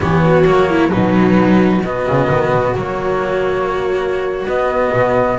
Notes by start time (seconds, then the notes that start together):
0.00 E3 B3 G4 C#5
0.24 F#4
0.45 F#3 A#3
0.70 E4
0.88 B2 F#3 D#4 B4
1.83 B3 F#4 D#5
2.07 C#3
2.31 D#3
2.52 B2
2.74 F#3 A#3 C#5
4.45 B3 D#5
4.93 B2